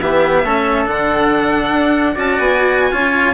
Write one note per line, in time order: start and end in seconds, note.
0.00 0.43 E3
0.00 0.45 B3
0.00 0.45 G4
0.00 0.86 E5
0.43 0.86 A3
0.43 0.85 C#4
0.43 2.14 A4
0.85 1.72 D3
0.85 2.15 D4
0.85 2.17 F#5
1.72 2.15 D4
2.14 2.37 C#4
2.14 2.91 F#4
2.14 2.90 D5
2.14 2.38 A5
2.38 2.92 B3
2.38 3.34 G#5
2.91 3.34 C#4
2.91 3.34 F4
2.91 3.34 C#5